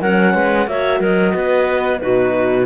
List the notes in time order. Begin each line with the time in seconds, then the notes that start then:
0.00 F#3 C#4 A#4 F#5
0.34 G#3 B4
0.67 A#3 F#4 C#5 E5
0.99 F#3 A#4 D#5
1.34 B3 B4
1.98 B2 D#4 F#4 B4